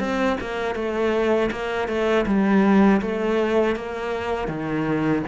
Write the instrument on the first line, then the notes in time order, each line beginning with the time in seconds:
cello
0.00 C4
0.41 A#3
0.75 A3
1.52 A#3
1.88 A3
2.26 G3
3.02 A3
3.76 A#3
4.48 D#3